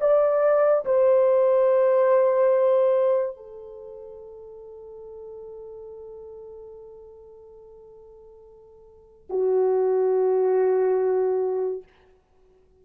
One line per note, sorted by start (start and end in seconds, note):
0.00 0.85 D5
0.85 3.36 C5
3.36 9.28 A4
9.29 11.83 F#4